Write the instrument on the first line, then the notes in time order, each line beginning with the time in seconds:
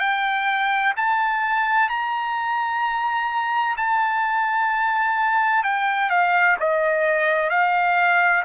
trumpet
0.00 G5
0.97 A5
1.89 A#5
3.78 A5
5.64 G5
6.10 F5
6.60 D#5
7.50 F5